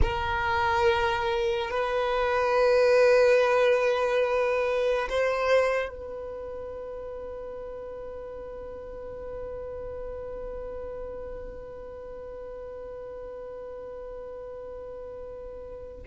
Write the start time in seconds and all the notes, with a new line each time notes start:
0.02 A#4
1.70 B4
5.09 C5
5.88 B4